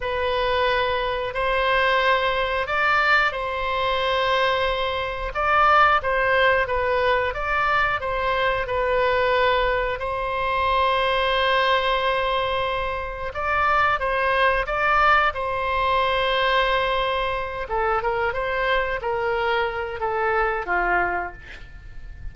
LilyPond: \new Staff \with { instrumentName = "oboe" } { \time 4/4 \tempo 4 = 90 b'2 c''2 | d''4 c''2. | d''4 c''4 b'4 d''4 | c''4 b'2 c''4~ |
c''1 | d''4 c''4 d''4 c''4~ | c''2~ c''8 a'8 ais'8 c''8~ | c''8 ais'4. a'4 f'4 | }